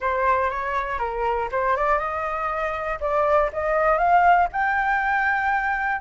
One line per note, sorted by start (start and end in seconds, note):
0.00 0.50 C5
0.50 0.98 C#5
0.98 1.48 A#4
1.51 1.76 C5
1.76 1.98 D5
1.98 2.98 D#5
3.00 3.50 D5
3.52 3.98 D#5
3.98 4.48 F5
4.52 6.01 G5